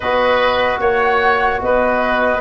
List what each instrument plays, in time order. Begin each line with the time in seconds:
0.00 tuba B3, trombone F#4, oboe B4, flute D#5
0.80 tuba A#3, oboe C#5, flute F#5
1.61 tuba B3, oboe B4, flute D#5